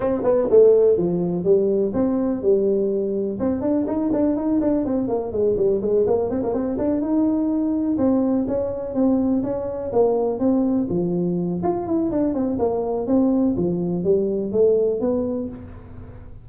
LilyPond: \new Staff \with { instrumentName = "tuba" } { \time 4/4 \tempo 4 = 124 c'8 b8 a4 f4 g4 | c'4 g2 c'8 d'8 | dis'8 d'8 dis'8 d'8 c'8 ais8 gis8 g8 | gis8 ais8 c'16 ais16 c'8 d'8 dis'4.~ |
dis'8 c'4 cis'4 c'4 cis'8~ | cis'8 ais4 c'4 f4. | f'8 e'8 d'8 c'8 ais4 c'4 | f4 g4 a4 b4 | }